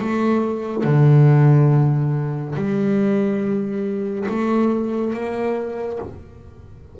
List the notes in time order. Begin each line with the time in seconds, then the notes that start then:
0.00 A3
0.84 D3
2.56 G3
4.29 A3
5.14 A#3